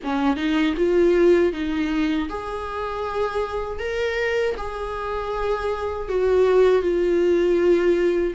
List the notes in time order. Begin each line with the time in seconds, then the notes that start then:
0.03 C#4
0.36 D#4
0.76 F4
1.52 D#4
2.29 G#4
3.79 A#4
4.57 G#4
6.08 F#4
6.81 F4